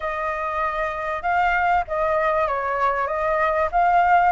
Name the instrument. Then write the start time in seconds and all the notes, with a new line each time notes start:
flute
0.00 D#5
1.22 F5
1.87 D#5
2.47 C#5
3.07 D#5
3.71 F5